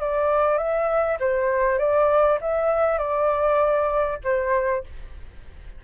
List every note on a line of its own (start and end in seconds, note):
0.00 0.58 D5
0.58 1.18 E5
1.20 1.79 C5
1.79 2.39 D5
2.41 2.98 E5
2.98 4.18 D5
4.24 4.84 C5